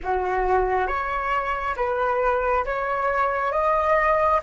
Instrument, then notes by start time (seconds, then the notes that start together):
flute
0.03 F#4
0.87 C#5
1.76 B4
2.65 C#5
3.52 D#5